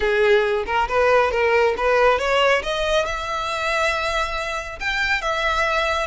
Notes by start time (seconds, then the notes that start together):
0.00 G#4
0.66 A#4
0.88 B4
1.31 A#4
1.77 B4
2.19 C#5
2.62 D#5
3.05 E5
4.79 G5
5.21 E5